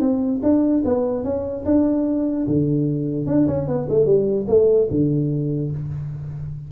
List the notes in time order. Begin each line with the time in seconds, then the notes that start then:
0.00 C4
0.43 D4
0.85 B3
1.24 C#4
1.65 D4
2.47 D3
3.26 D4
3.47 C#4
3.67 B3
3.89 A3
4.05 G3
4.48 A3
4.90 D3